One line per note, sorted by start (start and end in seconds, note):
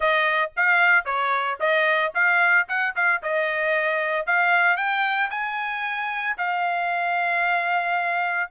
0.00 0.51 D#5
0.56 1.05 F5
1.05 1.58 C#5
1.60 2.13 D#5
2.14 2.67 F5
2.68 2.94 F#5
2.95 3.22 F5
3.22 4.26 D#5
4.26 4.76 F5
4.76 5.30 G5
5.30 6.36 G#5
6.37 8.50 F5